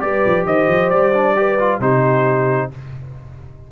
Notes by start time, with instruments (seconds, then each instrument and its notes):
0.00 tuba G3, trombone G4, horn B4, trumpet D5
0.27 tuba F3
0.46 tuba D#3, horn C5, trumpet D#5
0.68 tuba F3
0.90 tuba G3, trumpet D5
1.13 trombone D4
1.36 trombone G4, horn B4
1.59 trombone F4
1.80 tuba C3, trombone D#4, horn G4, trumpet C5